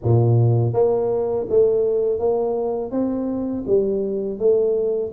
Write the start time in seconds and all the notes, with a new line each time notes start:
0.03 A#2
0.73 A#3
1.49 A3
2.19 A#3
2.91 C4
3.66 G3
4.38 A3